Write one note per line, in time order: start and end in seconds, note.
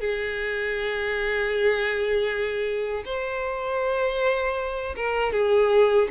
0.00 3.04 G#4
3.06 4.95 C5
4.96 5.33 A#4
5.33 6.09 G#4